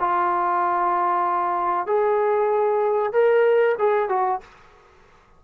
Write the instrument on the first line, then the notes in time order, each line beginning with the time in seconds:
trombone
0.00 F4
1.87 G#4
3.13 A#4
3.79 G#4
4.09 F#4